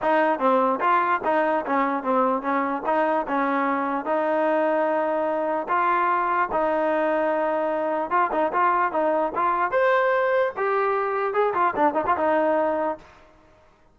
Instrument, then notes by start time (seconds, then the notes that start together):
trombone
0.01 D#4
0.39 C4
0.80 F4
1.24 D#4
1.66 C#4
2.03 C4
2.42 C#4
2.86 D#4
3.27 C#4
4.05 D#4
5.68 F4
6.52 D#4
8.10 F4
8.31 D#4
8.52 F4
8.92 D#4
9.35 F4
9.71 C5
10.56 G4
11.33 G#4
11.53 F4
11.76 D4
11.94 D#4
12.06 F4
12.17 D#4